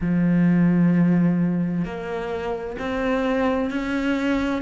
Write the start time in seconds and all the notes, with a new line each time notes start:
0.00 F3
1.84 A#3
2.79 C4
3.70 C#4